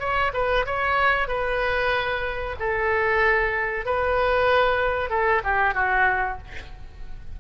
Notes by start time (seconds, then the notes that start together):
0.00 C#5
0.34 B4
0.66 C#5
1.28 B4
2.59 A4
3.86 B4
5.10 A4
5.44 G4
5.74 F#4